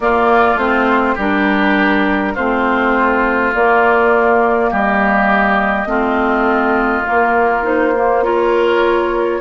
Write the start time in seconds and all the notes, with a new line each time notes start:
0.00 A#3 F4 D5
0.55 A3 C4 C5
1.14 G3 D4 G4 A#4
2.34 A3 C4 F4 C5
3.54 A#3 D5
4.70 G3 G4 D#5
5.86 A3 C4 F4
7.05 A#3 A#4
7.63 D#4 C5
7.95 A#3
8.23 F4 A#4 C#5